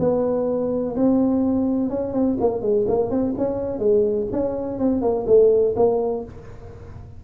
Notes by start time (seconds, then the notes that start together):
0.00 B3
0.96 C4
1.90 C#4
2.13 C4
2.41 A#3
2.62 G#3
2.88 A#3
3.10 C4
3.38 C#4
3.79 G#3
4.32 C#4
4.79 C4
5.02 A#3
5.27 A3
5.76 A#3